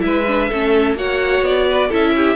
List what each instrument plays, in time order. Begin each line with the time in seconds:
0.00 cello G#3, viola E4, violin B4 E5
0.28 viola D4
0.50 cello A3, viola C#4, violin A4
0.95 cello A#3, viola F#4, violin C#5 F#5
1.42 cello B3, violin D5
1.69 violin B4
1.89 cello C#4, viola E4, violin A4 E5
2.17 violin G4